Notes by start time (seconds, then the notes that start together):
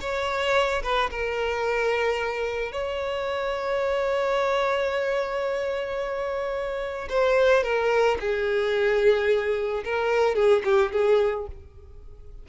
0.00 C#5
0.83 B4
1.10 A#4
2.71 C#5
7.09 C5
7.63 A#4
8.19 G#4
9.84 A#4
10.35 G#4
10.64 G4
10.92 G#4